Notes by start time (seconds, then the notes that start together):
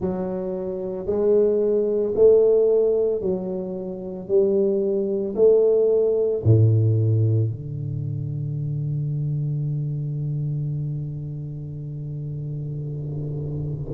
0.00 F#3
1.06 G#3
2.15 A3
3.21 F#3
4.28 G3
5.35 A3
6.44 A2
7.50 D3